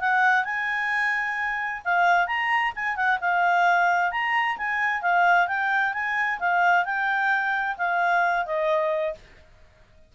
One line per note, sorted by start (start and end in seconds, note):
0.00 0.45 F#5
0.45 1.82 G#5
1.85 2.27 F5
2.27 2.73 A#5
2.75 2.96 G#5
2.96 3.19 F#5
3.21 4.11 F5
4.11 4.57 A#5
4.57 5.02 G#5
5.02 5.48 F5
5.48 5.93 G5
5.93 6.39 G#5
6.40 6.85 F5
6.85 7.77 G5
7.78 8.46 F5
8.46 9.15 D#5